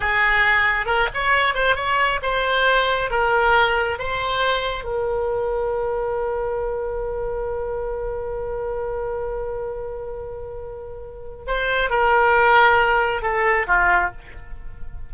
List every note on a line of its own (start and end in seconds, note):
0.00 0.86 G#4
0.86 1.08 A#4
1.14 1.54 C#5
1.54 1.75 C5
1.75 2.19 C#5
2.22 3.10 C5
3.10 3.98 A#4
3.98 4.83 C5
4.83 11.45 A#4
11.46 11.89 C5
11.89 13.22 A#4
13.22 13.66 A4
13.67 14.11 F4